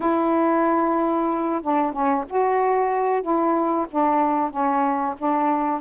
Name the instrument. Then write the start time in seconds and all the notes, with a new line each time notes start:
saxophone
0.00 E4
1.62 D4
1.92 C#4
2.29 F#4
3.21 E4
3.90 D4
4.50 C#4
5.18 D4